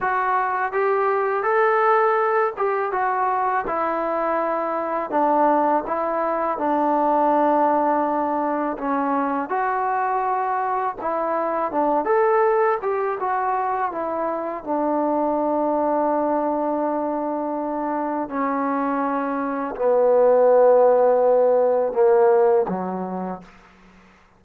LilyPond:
\new Staff \with { instrumentName = "trombone" } { \time 4/4 \tempo 4 = 82 fis'4 g'4 a'4. g'8 | fis'4 e'2 d'4 | e'4 d'2. | cis'4 fis'2 e'4 |
d'8 a'4 g'8 fis'4 e'4 | d'1~ | d'4 cis'2 b4~ | b2 ais4 fis4 | }